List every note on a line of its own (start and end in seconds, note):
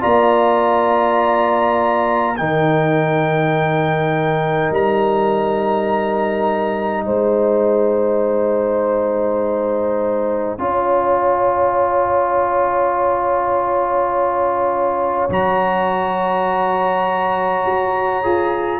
0.00 2.39 A#3
0.00 2.35 F4
0.00 2.37 D5
0.00 2.36 A#5
2.36 4.71 D#3
2.36 10.58 D#4
2.36 7.05 A#4
2.36 4.72 G5
4.71 7.06 G3
4.71 7.04 A#5
7.04 10.58 G#3
7.04 10.58 C5
7.04 15.27 G#5
10.58 15.29 C#4
10.58 15.29 F4
10.58 18.79 C#5
15.29 17.64 F#3
15.29 18.23 F#4
15.29 18.79 A#5
17.65 18.24 F#4
18.23 18.79 F4
18.23 18.79 G#4